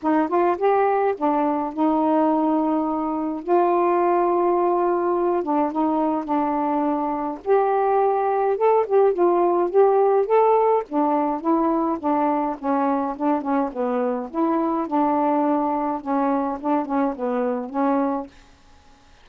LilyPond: \new Staff \with { instrumentName = "saxophone" } { \time 4/4 \tempo 4 = 105 dis'8 f'8 g'4 d'4 dis'4~ | dis'2 f'2~ | f'4. d'8 dis'4 d'4~ | d'4 g'2 a'8 g'8 |
f'4 g'4 a'4 d'4 | e'4 d'4 cis'4 d'8 cis'8 | b4 e'4 d'2 | cis'4 d'8 cis'8 b4 cis'4 | }